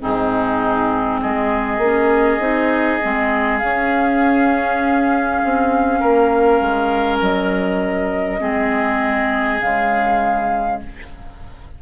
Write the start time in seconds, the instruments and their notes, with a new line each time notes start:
0.00 bassoon G#2, clarinet C4, oboe D#4, flute G#4
1.21 bassoon G#3, oboe G#4, flute D#5
1.78 bassoon A#3, clarinet C#4
2.39 bassoon C4, clarinet D#4
3.01 bassoon G#3, clarinet C4
3.58 clarinet C#4, bassoon C#4, flute F5
5.44 bassoon C4
6.00 bassoon A#3, oboe A#4
6.61 bassoon G#3
7.21 bassoon F#3, flute D#5
8.40 bassoon G#3, clarinet C4, oboe G#4
9.60 bassoon C#3, clarinet G#3, flute F5